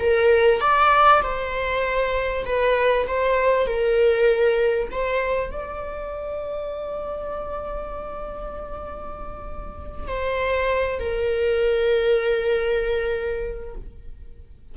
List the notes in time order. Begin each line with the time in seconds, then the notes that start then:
0.00 A#4
0.61 D5
1.22 C5
2.45 B4
3.07 C5
3.67 A#4
4.91 C5
5.51 D5
10.08 C5
11.00 A#4